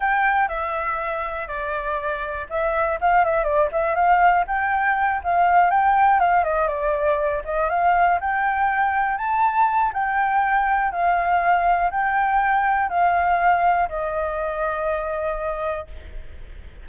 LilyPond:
\new Staff \with { instrumentName = "flute" } { \time 4/4 \tempo 4 = 121 g''4 e''2 d''4~ | d''4 e''4 f''8 e''8 d''8 e''8 | f''4 g''4. f''4 g''8~ | g''8 f''8 dis''8 d''4. dis''8 f''8~ |
f''8 g''2 a''4. | g''2 f''2 | g''2 f''2 | dis''1 | }